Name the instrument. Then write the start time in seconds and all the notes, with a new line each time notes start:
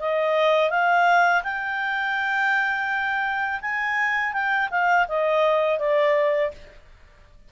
clarinet
0.00 D#5
0.70 F5
1.43 G5
3.61 G#5
4.33 G5
4.71 F5
5.08 D#5
5.79 D5